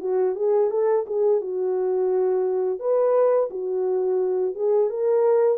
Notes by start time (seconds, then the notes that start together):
0.00 F#4
0.35 G#4
0.70 A4
1.06 G#4
1.41 F#4
2.79 B4
3.50 F#4
4.55 G#4
4.89 A#4